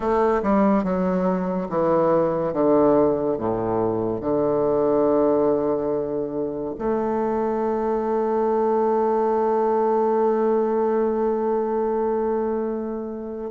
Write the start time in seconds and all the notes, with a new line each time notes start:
0.00 A3
0.42 G3
0.83 F#3
1.69 E3
2.53 D3
3.38 A2
4.20 D3
6.78 A3